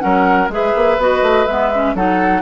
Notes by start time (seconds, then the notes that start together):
0.00 F#3 C#4 A#4 F#5
0.49 G#3 G#4 E5
0.55 B4
0.76 A#3
0.99 B3 F#4 D#5
1.22 A3
1.46 G#3 B3 E5
1.74 C#4
1.95 F#3 D#4 A4 F#5